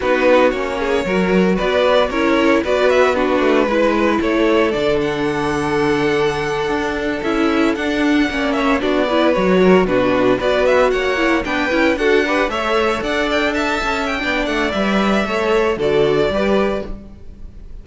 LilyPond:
<<
  \new Staff \with { instrumentName = "violin" } { \time 4/4 \tempo 4 = 114 b'4 cis''2 d''4 | cis''4 d''8 e''8 b'2 | cis''4 d''8 fis''2~ fis''8~ | fis''4.~ fis''16 e''4 fis''4~ fis''16~ |
fis''16 e''8 d''4 cis''4 b'4 d''16~ | d''16 e''8 fis''4 g''4 fis''4 e''16~ | e''8. fis''8 g''8 a''4 g''8. fis''8 | e''2 d''2 | }
  \new Staff \with { instrumentName = "violin" } { \time 4/4 fis'4. gis'8 ais'4 b'4 | ais'4 b'4 fis'4 b'4 | a'1~ | a'2.~ a'8. d''16~ |
d''16 cis''8 fis'8 b'4 ais'8 fis'4 b'16~ | b'8. cis''4 b'4 a'8 b'8 cis''16~ | cis''8. d''4 e''4~ e''16 d''4~ | d''4 cis''4 a'4 b'4 | }
  \new Staff \with { instrumentName = "viola" } { \time 4/4 dis'4 cis'4 fis'2 | e'4 fis'4 d'4 e'4~ | e'4 d'2.~ | d'4.~ d'16 e'4 d'4 cis'16~ |
cis'8. d'8 e'8 fis'4 d'4 fis'16~ | fis'4~ fis'16 e'8 d'8 e'8 fis'8 g'8 a'16~ | a'2. d'4 | b'4 a'4 fis'4 g'4 | }
  \new Staff \with { instrumentName = "cello" } { \time 4/4 b4 ais4 fis4 b4 | cis'4 b4. a8 gis4 | a4 d2.~ | d8. d'4 cis'4 d'4 ais16~ |
ais8. b4 fis4 b,4 b16~ | b8. ais4 b8 cis'8 d'4 a16~ | a8. d'4. cis'8. b8 a8 | g4 a4 d4 g4 | }
>>